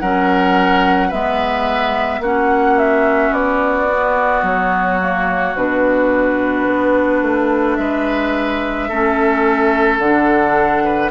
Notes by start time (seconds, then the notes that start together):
0.00 F#3 C#4 A#4 F#5
1.08 G#3 B3 B4 E5
2.20 A#3 C#4 F#4 F#5
2.78 E5
3.31 B3 D5
3.89 B3
4.43 F#3 C#5
5.00 A#3
5.56 B2 D4 B4
6.67 B3
7.22 A3
7.76 G#3 B4 E5
8.89 A3 C#4 A4
9.99 D3 D4 F#5
10.84 B4